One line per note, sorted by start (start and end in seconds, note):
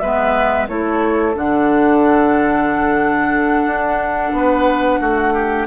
0.00 0.69 G#3
0.00 0.69 B3
0.00 0.69 B4
0.00 0.67 E5
0.69 1.35 A3
0.69 1.34 E4
0.69 4.36 A4
0.69 1.35 C#5
1.34 3.67 D3
1.34 5.67 D4
1.34 5.67 F#5
3.67 4.33 D4
4.33 4.99 B3
4.33 5.00 B4
5.00 5.67 A3
5.00 5.34 F#4
5.34 5.67 G4